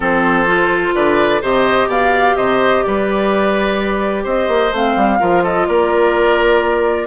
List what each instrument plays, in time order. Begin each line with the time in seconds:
0.00 bassoon F3, clarinet C4, oboe A4, flute C5
0.47 clarinet F4
0.94 bassoon D3, oboe B4, flute D5
1.41 bassoon C3, clarinet G4, oboe C5, flute D#5
1.86 bassoon B2, oboe D5, flute F5
2.36 bassoon C3, oboe C5, flute D#5
2.83 bassoon G3, oboe B4, flute D5
4.23 bassoon C4, oboe C5, flute D#5
4.48 bassoon A#3
4.71 bassoon A3, clarinet C4, flute F5
4.96 bassoon G3
5.19 bassoon F3, clarinet F4, oboe A#4
5.43 oboe A4, flute D#5
5.67 bassoon A#3, oboe A#4, flute D5